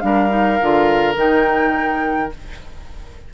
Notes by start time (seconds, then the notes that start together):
0.00 G3 D4 A#4 F5
0.29 D#4
0.61 D3 F4
1.15 D#3 D#4 G5